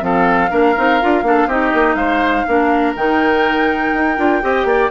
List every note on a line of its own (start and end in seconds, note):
0.00 0.51 F3
0.00 0.49 C4
0.00 0.50 A4
0.00 1.50 F5
0.50 0.76 A#3
0.50 0.75 D4
0.50 1.24 A#4
0.76 1.02 C4
0.76 1.00 D#4
1.01 1.22 D4
1.01 1.24 F4
1.22 1.47 A#3
1.22 1.48 D4
1.22 1.47 A4
1.47 1.71 C4
1.47 2.47 D#4
1.47 1.96 G4
1.47 1.95 D#5
1.74 1.95 A#3
1.95 2.44 G#3
1.95 2.46 C5
1.95 2.92 F5
2.47 2.96 A#3
2.47 2.96 D4
2.47 4.43 A#4
2.96 3.93 D#3
2.96 4.17 D#4
2.96 4.91 G5
3.93 4.18 D#4
4.17 4.43 D4
4.17 4.42 F4
4.42 4.64 C4
4.42 4.90 G4
4.42 4.67 D#5
4.64 4.89 A#3
4.64 4.91 D5